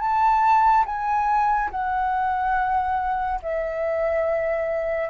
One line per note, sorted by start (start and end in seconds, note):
0.00 0.85 A5
0.85 1.70 G#5
1.71 3.40 F#5
3.42 5.09 E5